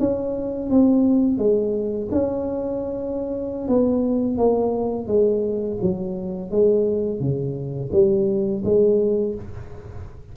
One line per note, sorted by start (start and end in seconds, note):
0.00 0.71 C#4
0.71 1.38 C4
1.38 2.09 G#3
2.12 3.68 C#4
3.68 4.38 B3
4.38 5.08 A#3
5.08 5.78 G#3
5.82 6.51 F#3
6.51 7.20 G#3
7.20 7.91 C#3
7.93 8.63 G3
8.65 9.35 G#3